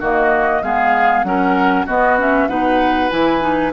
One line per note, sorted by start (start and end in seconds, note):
0.00 0.62 D#3
0.00 0.64 A#3
0.00 0.62 F#4
0.00 0.63 D#5
0.63 1.24 G#3
0.63 1.25 B3
0.63 1.26 G#4
0.63 1.24 F5
1.24 1.86 F#3
1.24 1.87 C#4
1.24 1.86 A#4
1.24 1.85 F#5
1.86 2.19 B3
1.86 2.48 B3
1.86 2.48 F#4
1.86 2.19 D#5
2.19 2.49 C#4
2.19 2.48 E5
2.48 3.10 B2
2.48 3.11 D#4
2.48 3.73 B4
2.48 3.10 F#5
3.11 3.73 E3
3.11 3.41 E4
3.11 3.73 G#5
3.41 3.72 D#4